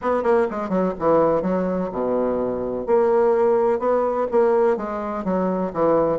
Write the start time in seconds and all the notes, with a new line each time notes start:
0.01 B3
0.23 A#3
0.50 G#3
0.69 F#3
0.99 E3
1.42 F#3
1.92 B2
2.86 A#3
3.79 B3
4.31 A#3
4.77 G#3
5.24 F#3
5.73 E3